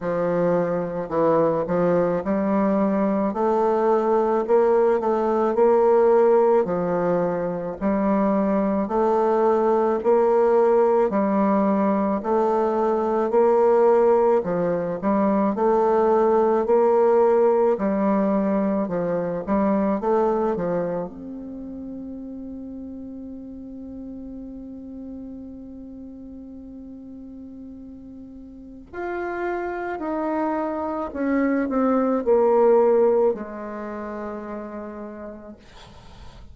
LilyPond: \new Staff \with { instrumentName = "bassoon" } { \time 4/4 \tempo 4 = 54 f4 e8 f8 g4 a4 | ais8 a8 ais4 f4 g4 | a4 ais4 g4 a4 | ais4 f8 g8 a4 ais4 |
g4 f8 g8 a8 f8 c'4~ | c'1~ | c'2 f'4 dis'4 | cis'8 c'8 ais4 gis2 | }